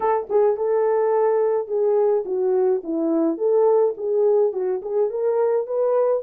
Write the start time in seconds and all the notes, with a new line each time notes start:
0.00 A4
0.29 G#4
0.56 A4
1.67 G#4
2.25 F#4
2.83 E4
3.37 A4
3.97 G#4
4.52 F#4
4.81 G#4
5.10 A#4
5.66 B4